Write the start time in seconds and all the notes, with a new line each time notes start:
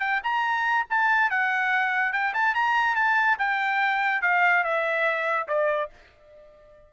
0.00 G5
0.23 A#5
0.90 A5
1.30 F#5
2.12 G5
2.34 A5
2.55 A#5
2.95 A5
3.39 G5
4.22 F5
4.64 E5
5.48 D5